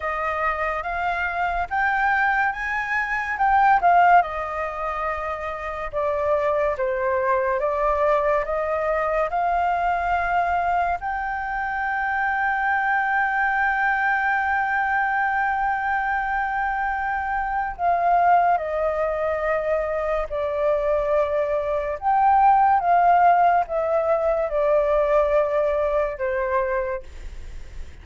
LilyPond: \new Staff \with { instrumentName = "flute" } { \time 4/4 \tempo 4 = 71 dis''4 f''4 g''4 gis''4 | g''8 f''8 dis''2 d''4 | c''4 d''4 dis''4 f''4~ | f''4 g''2.~ |
g''1~ | g''4 f''4 dis''2 | d''2 g''4 f''4 | e''4 d''2 c''4 | }